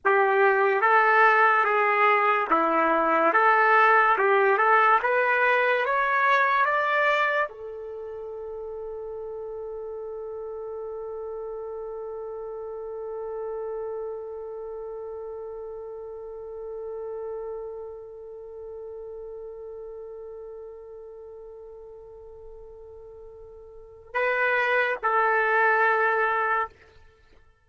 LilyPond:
\new Staff \with { instrumentName = "trumpet" } { \time 4/4 \tempo 4 = 72 g'4 a'4 gis'4 e'4 | a'4 g'8 a'8 b'4 cis''4 | d''4 a'2.~ | a'1~ |
a'1~ | a'1~ | a'1~ | a'4 b'4 a'2 | }